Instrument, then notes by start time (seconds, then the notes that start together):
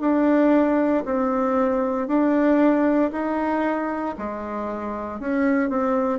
bassoon
0.00 D4
1.05 C4
2.07 D4
3.11 D#4
4.18 G#3
5.20 C#4
5.69 C4